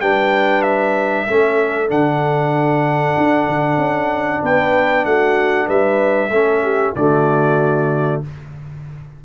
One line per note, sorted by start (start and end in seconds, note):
0.00 1.26 G3
0.00 1.27 D4
0.00 1.26 B4
0.00 0.62 G5
0.62 1.88 E5
1.26 1.90 A3
1.26 1.88 C#4
1.26 4.42 A4
1.88 3.16 D3
1.88 6.30 D4
1.88 4.43 F#5
3.17 3.48 D4
3.48 3.77 D3
3.77 4.40 C#4
4.42 5.05 B3
4.42 5.05 B4
4.42 5.05 G5
5.05 5.68 A3
5.05 5.66 F#4
5.05 5.68 F#5
5.66 6.30 G3
5.66 6.29 B4
5.66 6.95 E5
6.30 6.93 A3
6.30 6.95 C#4
6.30 6.62 A4
6.62 6.94 G4
6.95 8.22 D3
6.95 8.24 A3
6.95 8.24 F#4
6.95 8.22 D5